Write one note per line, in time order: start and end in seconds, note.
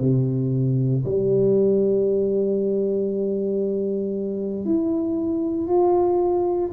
0.00 1.03 C3
1.04 4.65 G3
4.65 5.67 E4
5.67 6.71 F4